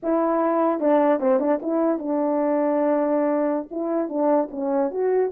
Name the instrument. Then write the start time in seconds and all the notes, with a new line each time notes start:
horn
0.02 E4
0.80 D4
1.20 C4
1.39 D4
1.61 E4
1.99 D4
3.70 E4
4.09 D4
4.51 C#4
4.90 F#4